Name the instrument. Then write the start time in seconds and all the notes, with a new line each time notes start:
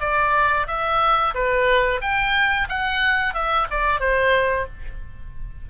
oboe
0.00 D5
0.67 E5
1.34 B4
2.01 G5
2.69 F#5
3.34 E5
3.70 D5
4.00 C5